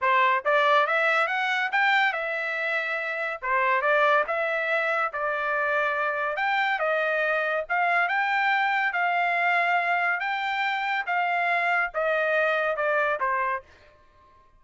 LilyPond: \new Staff \with { instrumentName = "trumpet" } { \time 4/4 \tempo 4 = 141 c''4 d''4 e''4 fis''4 | g''4 e''2. | c''4 d''4 e''2 | d''2. g''4 |
dis''2 f''4 g''4~ | g''4 f''2. | g''2 f''2 | dis''2 d''4 c''4 | }